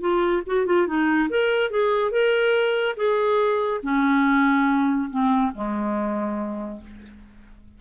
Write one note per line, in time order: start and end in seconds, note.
0.00 0.42 F4
0.46 0.66 F#4
0.66 0.87 F4
0.87 1.29 D#4
1.29 1.70 A#4
1.70 2.11 G#4
2.11 2.95 A#4
2.96 3.80 G#4
3.83 5.09 C#4
5.10 5.52 C4
5.54 6.81 G#3